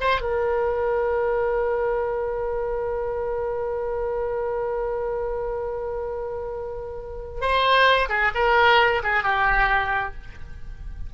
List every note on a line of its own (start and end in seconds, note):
0.00 0.21 C5
0.21 7.41 A#4
7.41 8.09 C5
8.09 8.31 G#4
8.34 9.02 A#4
9.03 9.23 G#4
9.23 10.14 G4